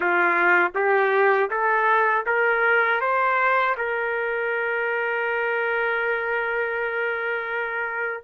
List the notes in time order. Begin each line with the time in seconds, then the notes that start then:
0.00 F4
0.75 G4
1.50 A4
2.26 A#4
3.00 C5
3.77 A#4